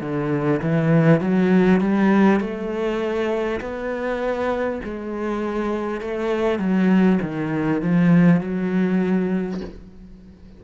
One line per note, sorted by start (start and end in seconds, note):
0.00 0.60 D3
0.62 1.21 E3
1.21 1.81 F#3
1.81 2.40 G3
2.40 3.60 A3
3.61 4.81 B3
4.84 6.01 G#3
6.01 6.58 A3
6.58 7.18 F#3
7.22 7.82 D#3
7.82 8.41 F3
8.41 9.61 F#3